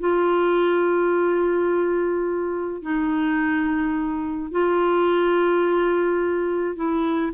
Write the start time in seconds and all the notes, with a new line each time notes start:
0.00 F4
2.83 D#4
4.52 F4
6.76 E4